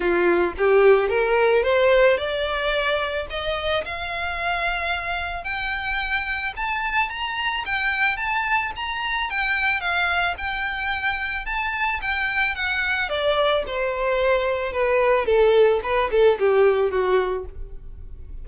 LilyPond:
\new Staff \with { instrumentName = "violin" } { \time 4/4 \tempo 4 = 110 f'4 g'4 ais'4 c''4 | d''2 dis''4 f''4~ | f''2 g''2 | a''4 ais''4 g''4 a''4 |
ais''4 g''4 f''4 g''4~ | g''4 a''4 g''4 fis''4 | d''4 c''2 b'4 | a'4 b'8 a'8 g'4 fis'4 | }